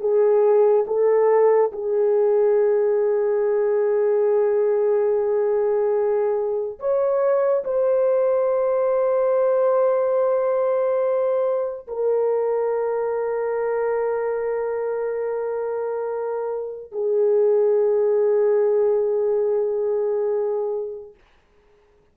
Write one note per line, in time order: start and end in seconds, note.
0.00 0.85 G#4
0.87 1.71 A4
1.72 6.79 G#4
6.79 7.64 C#5
7.64 11.87 C5
11.87 16.92 A#4
16.92 21.14 G#4